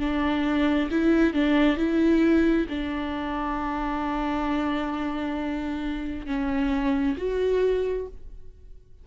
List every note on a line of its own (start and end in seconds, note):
0.00 0.90 D4
0.90 1.34 E4
1.34 1.77 D4
1.77 2.67 E4
2.69 6.27 D4
6.27 7.16 C#4
7.18 8.07 F#4